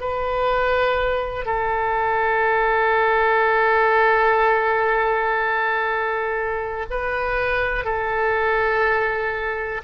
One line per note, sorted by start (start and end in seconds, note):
0.00 1.45 B4
1.45 6.86 A4
6.90 7.85 B4
7.85 9.81 A4